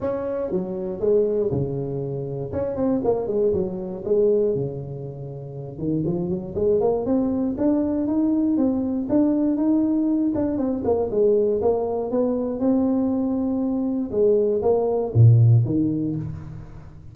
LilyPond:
\new Staff \with { instrumentName = "tuba" } { \time 4/4 \tempo 4 = 119 cis'4 fis4 gis4 cis4~ | cis4 cis'8 c'8 ais8 gis8 fis4 | gis4 cis2~ cis8 dis8 | f8 fis8 gis8 ais8 c'4 d'4 |
dis'4 c'4 d'4 dis'4~ | dis'8 d'8 c'8 ais8 gis4 ais4 | b4 c'2. | gis4 ais4 ais,4 dis4 | }